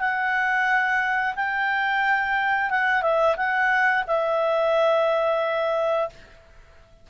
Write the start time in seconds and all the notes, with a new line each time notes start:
0.00 F#5
1.36 G5
2.70 F#5
3.02 E5
3.37 F#5
4.07 E5